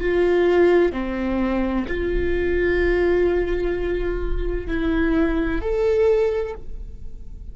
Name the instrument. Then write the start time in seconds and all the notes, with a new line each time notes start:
viola
0.00 F4
0.92 C4
1.87 F4
4.67 E4
5.61 A4